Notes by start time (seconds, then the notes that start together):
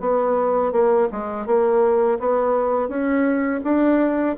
0.00 B3
0.72 A#3
1.12 G#3
1.46 A#3
2.19 B3
2.88 C#4
3.64 D4